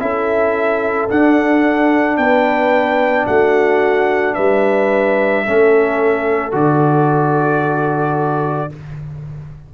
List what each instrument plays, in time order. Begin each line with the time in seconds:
0.00 tuba C#4, trombone E4, horn A4, trumpet E5
1.10 trombone D4, tuba D4, trumpet F#5
2.17 tuba B3, horn B4, trumpet G5
3.26 tuba A3, horn F#4, trumpet F#5
4.35 tuba G3, horn B4, trumpet E5
5.45 tuba A3, trombone C#4, horn A4
6.52 tuba D3, trombone F#4, trumpet D5